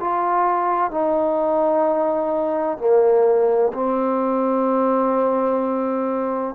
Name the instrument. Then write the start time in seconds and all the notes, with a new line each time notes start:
trombone
0.00 F4
0.91 D#4
2.78 A#3
3.74 C4